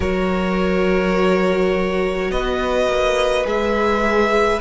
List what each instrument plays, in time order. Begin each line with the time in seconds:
0.00 cello F#3, viola F#4, violin A#4 C#5
2.30 cello B3, violin B4 D#5
2.87 cello A#3
3.44 cello G#3, viola G#4, violin E5